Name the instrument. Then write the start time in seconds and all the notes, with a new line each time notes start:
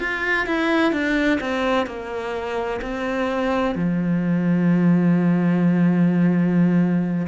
cello
0.00 F4
0.47 E4
0.93 D4
1.41 C4
1.87 A#3
2.82 C4
3.76 F3